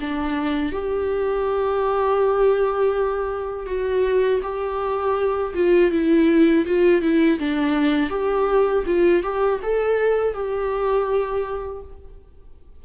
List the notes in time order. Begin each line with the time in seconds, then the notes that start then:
0.00 D4
0.72 G4
3.66 F#4
4.42 G4
5.54 F4
5.91 E4
6.66 F4
7.01 E4
7.39 D4
8.09 G4
8.86 F4
9.23 G4
9.62 A4
10.34 G4